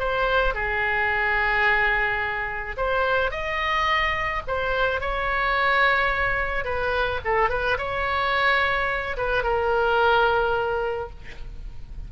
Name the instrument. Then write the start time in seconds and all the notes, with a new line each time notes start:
oboe
0.00 C5
0.55 G#4
2.78 C5
3.32 D#5
4.48 C5
5.01 C#5
6.65 B4
7.25 A4
7.50 B4
7.78 C#5
9.17 B4
9.44 A#4